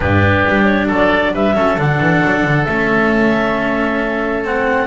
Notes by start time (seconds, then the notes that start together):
0.00 G2 D4 G4 B4
0.48 G3
0.65 C#5
0.87 F#3 A4 D5
1.33 G3 B4 E5
1.55 F#3 C#4 A4
1.76 D3 D4 F#5
1.99 E3
2.24 F#3
2.44 D3
2.64 A3 C#4 E5
4.44 C4 F#5